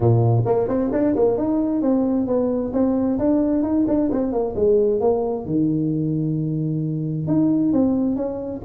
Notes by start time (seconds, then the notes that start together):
0.00 A#2
0.45 A#3
0.68 C4
0.92 D4
1.15 A#3
1.37 D#4
1.81 C4
2.26 B3
2.73 C4
3.18 D4
3.62 D#4
3.87 D4
4.11 C4
4.32 A#3
4.55 G#3
5.00 A#3
5.45 D#3
7.27 D#4
7.72 C4
8.15 C#4